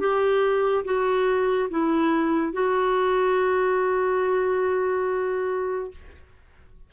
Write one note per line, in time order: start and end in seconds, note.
0.00 0.85 G4
0.85 1.69 F#4
1.71 2.53 E4
2.53 5.91 F#4